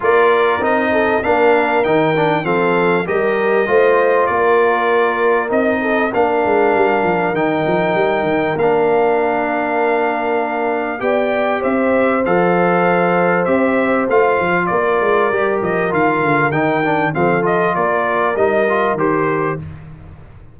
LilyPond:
<<
  \new Staff \with { instrumentName = "trumpet" } { \time 4/4 \tempo 4 = 98 d''4 dis''4 f''4 g''4 | f''4 dis''2 d''4~ | d''4 dis''4 f''2 | g''2 f''2~ |
f''2 g''4 e''4 | f''2 e''4 f''4 | d''4. dis''8 f''4 g''4 | f''8 dis''8 d''4 dis''4 c''4 | }
  \new Staff \with { instrumentName = "horn" } { \time 4/4 ais'4. a'8 ais'2 | a'4 ais'4 c''4 ais'4~ | ais'4. a'8 ais'2~ | ais'1~ |
ais'2 d''4 c''4~ | c''1 | ais'1 | a'4 ais'2. | }
  \new Staff \with { instrumentName = "trombone" } { \time 4/4 f'4 dis'4 d'4 dis'8 d'8 | c'4 g'4 f'2~ | f'4 dis'4 d'2 | dis'2 d'2~ |
d'2 g'2 | a'2 g'4 f'4~ | f'4 g'4 f'4 dis'8 d'8 | c'8 f'4. dis'8 f'8 g'4 | }
  \new Staff \with { instrumentName = "tuba" } { \time 4/4 ais4 c'4 ais4 dis4 | f4 g4 a4 ais4~ | ais4 c'4 ais8 gis8 g8 f8 | dis8 f8 g8 dis8 ais2~ |
ais2 b4 c'4 | f2 c'4 a8 f8 | ais8 gis8 g8 f8 dis8 d8 dis4 | f4 ais4 g4 dis4 | }
>>